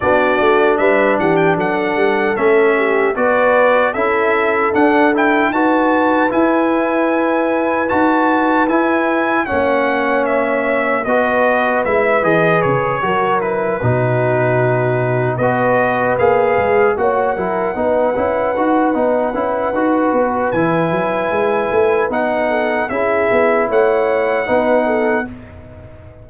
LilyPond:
<<
  \new Staff \with { instrumentName = "trumpet" } { \time 4/4 \tempo 4 = 76 d''4 e''8 fis''16 g''16 fis''4 e''4 | d''4 e''4 fis''8 g''8 a''4 | gis''2 a''4 gis''4 | fis''4 e''4 dis''4 e''8 dis''8 |
cis''4 b'2~ b'8 dis''8~ | dis''8 f''4 fis''2~ fis''8~ | fis''2 gis''2 | fis''4 e''4 fis''2 | }
  \new Staff \with { instrumentName = "horn" } { \time 4/4 fis'4 b'8 g'8 a'4. g'8 | b'4 a'2 b'4~ | b'1 | cis''2 b'2~ |
b'8 ais'4 fis'2 b'8~ | b'4. cis''8 ais'8 b'4.~ | b'1~ | b'8 a'8 gis'4 cis''4 b'8 a'8 | }
  \new Staff \with { instrumentName = "trombone" } { \time 4/4 d'2. cis'4 | fis'4 e'4 d'8 e'8 fis'4 | e'2 fis'4 e'4 | cis'2 fis'4 e'8 gis'8~ |
gis'8 fis'8 e'8 dis'2 fis'8~ | fis'8 gis'4 fis'8 e'8 dis'8 e'8 fis'8 | dis'8 e'8 fis'4 e'2 | dis'4 e'2 dis'4 | }
  \new Staff \with { instrumentName = "tuba" } { \time 4/4 b8 a8 g8 e8 fis8 g8 a4 | b4 cis'4 d'4 dis'4 | e'2 dis'4 e'4 | ais2 b4 gis8 e8 |
cis8 fis4 b,2 b8~ | b8 ais8 gis8 ais8 fis8 b8 cis'8 dis'8 | b8 cis'8 dis'8 b8 e8 fis8 gis8 a8 | b4 cis'8 b8 a4 b4 | }
>>